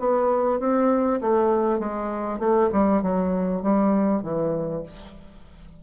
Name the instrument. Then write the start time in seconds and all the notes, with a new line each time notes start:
bassoon
0.00 B3
0.60 C4
1.21 A3
1.80 G#3
2.39 A3
2.73 G3
3.02 F#3
3.63 G3
4.23 E3